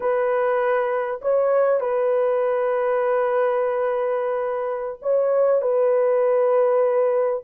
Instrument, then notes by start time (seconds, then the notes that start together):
horn
0.00 B4
1.21 C#5
1.80 B4
5.02 C#5
5.61 B4